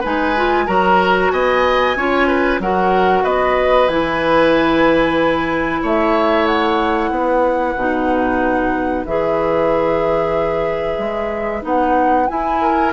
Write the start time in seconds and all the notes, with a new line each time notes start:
0.00 G#3 D#4 B4 G#5
0.36 F4
0.67 F#3 F#4 A#4 A#5
1.30 B3 D#5 G#5
1.96 C#4 F4 C#5
2.27 B4
2.59 F#3 F#4 A#4 F#5
3.23 B3 B4 D#5
3.88 E3 E4 G#5
5.82 A3 C#5 E5
6.47 F#5
7.10 B3 B4
7.75 B2 D#4
9.05 E3 G#4 E5
10.98 G#3
11.62 B3 D#4 F#5
12.27 E4 G#5
12.61 A#4